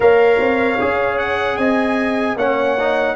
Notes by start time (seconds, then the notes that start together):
0.00 A#3 A#4 C#5 F5
0.39 C4
0.79 C#4 G#4
1.18 F#5
1.57 C4 D#5 G#5
2.36 A#3 C#4 C#5 F#5
2.79 D#4